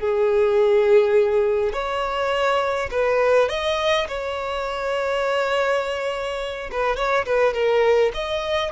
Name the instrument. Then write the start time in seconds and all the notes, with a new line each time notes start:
violin
0.00 G#4
1.73 C#5
2.91 B4
3.49 D#5
4.09 C#5
6.72 B4
6.97 C#5
7.26 B4
7.54 A#4
8.14 D#5